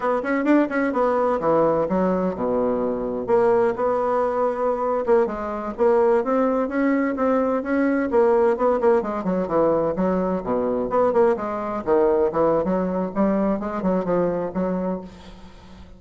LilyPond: \new Staff \with { instrumentName = "bassoon" } { \time 4/4 \tempo 4 = 128 b8 cis'8 d'8 cis'8 b4 e4 | fis4 b,2 ais4 | b2~ b8. ais8 gis8.~ | gis16 ais4 c'4 cis'4 c'8.~ |
c'16 cis'4 ais4 b8 ais8 gis8 fis16~ | fis16 e4 fis4 b,4 b8 ais16~ | ais16 gis4 dis4 e8. fis4 | g4 gis8 fis8 f4 fis4 | }